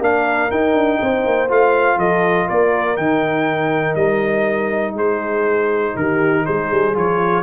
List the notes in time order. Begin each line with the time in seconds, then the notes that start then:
0.00 A#3 D4 A#4 F5
0.50 D#4 G5
0.74 D4
1.00 C4 C5
1.25 A#3
1.48 A3 F4 F5
1.97 F3 A4 D#5
2.46 A#3 A#4 D5
2.96 D#3 D#4 G5
3.95 G3 D#5
4.94 G#3 G#4 C5
5.96 D#3 G4 A#4
6.45 G#3 G#4 C5
6.71 G3
6.94 F3 F4 C#5